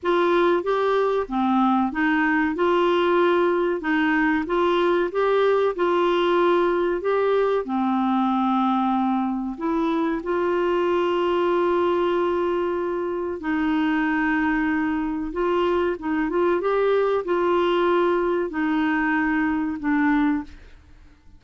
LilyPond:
\new Staff \with { instrumentName = "clarinet" } { \time 4/4 \tempo 4 = 94 f'4 g'4 c'4 dis'4 | f'2 dis'4 f'4 | g'4 f'2 g'4 | c'2. e'4 |
f'1~ | f'4 dis'2. | f'4 dis'8 f'8 g'4 f'4~ | f'4 dis'2 d'4 | }